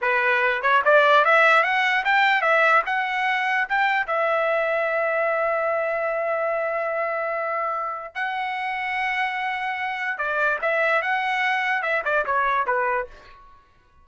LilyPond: \new Staff \with { instrumentName = "trumpet" } { \time 4/4 \tempo 4 = 147 b'4. cis''8 d''4 e''4 | fis''4 g''4 e''4 fis''4~ | fis''4 g''4 e''2~ | e''1~ |
e''1 | fis''1~ | fis''4 d''4 e''4 fis''4~ | fis''4 e''8 d''8 cis''4 b'4 | }